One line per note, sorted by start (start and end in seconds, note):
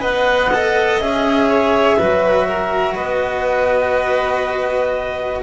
0.00 0.99 B3
0.00 0.49 B4
0.00 1.48 D#5
0.00 1.00 F#5
0.54 1.01 A4
0.99 1.97 C#4
0.99 1.99 G#4
0.99 2.95 E5
1.49 1.98 C#5
1.98 2.97 F#3
1.98 5.43 F#4
1.98 2.47 B4
2.48 2.94 A#4
2.94 5.43 B3
2.94 5.40 B4
2.94 5.41 D#5